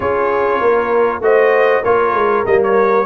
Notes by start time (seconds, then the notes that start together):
0.00 C#4 F4 G#4 C#5
0.60 A#3 A#4
1.20 A3 F#4 C5 D#5
1.83 A#3 F4 A#4 C#5
2.14 G#3
2.46 G3 A#3 D#5
2.63 C#5